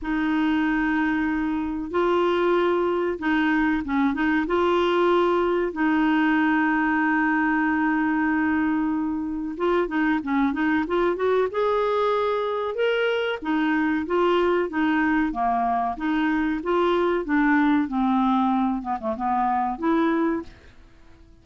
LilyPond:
\new Staff \with { instrumentName = "clarinet" } { \time 4/4 \tempo 4 = 94 dis'2. f'4~ | f'4 dis'4 cis'8 dis'8 f'4~ | f'4 dis'2.~ | dis'2. f'8 dis'8 |
cis'8 dis'8 f'8 fis'8 gis'2 | ais'4 dis'4 f'4 dis'4 | ais4 dis'4 f'4 d'4 | c'4. b16 a16 b4 e'4 | }